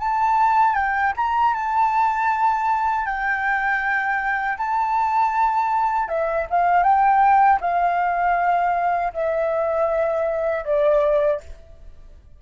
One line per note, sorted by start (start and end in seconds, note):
0.00 0.75 A5
0.75 1.13 G5
1.17 1.55 A#5
1.55 3.06 A5
3.06 4.58 G5
4.58 6.09 A5
6.09 6.47 E5
6.50 6.84 F5
6.84 7.60 G5
7.61 9.13 F5
9.13 10.65 E5
10.65 11.41 D5